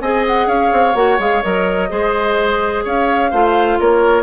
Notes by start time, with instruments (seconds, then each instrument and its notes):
0.00 bassoon C4, clarinet G#4, oboe D#5, flute G#5
0.27 flute F#5
0.47 bassoon C#4, oboe C#5, flute F5
0.73 bassoon C4
0.95 bassoon A#3, clarinet F#4, flute F#5
1.19 bassoon G#3, clarinet G#4, flute F5
1.43 bassoon F#3, clarinet A#4, flute D#5
1.89 bassoon G#3, clarinet G#4, oboe C5
2.84 bassoon C#4, oboe C#5, flute F5
3.31 bassoon A3, clarinet F4, oboe C5
3.80 bassoon A#3, oboe A#4, flute C#5